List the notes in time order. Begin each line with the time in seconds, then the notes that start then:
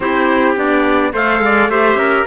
0.00 C4 E4 G4 C5
0.56 B3 D4 D5
1.13 A3 A4 C5 F5
1.40 G#3 D5
1.68 A3 G4 C5 E5
1.94 C#4 A#4